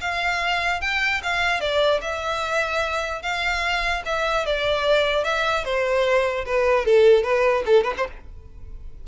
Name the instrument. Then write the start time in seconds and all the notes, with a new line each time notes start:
violin
0.00 F5
0.81 G5
1.22 F5
1.60 D5
2.01 E5
3.22 F5
4.05 E5
4.45 D5
5.24 E5
5.64 C5
6.45 B4
6.85 A4
7.23 B4
7.65 A4
7.83 B4
7.97 C5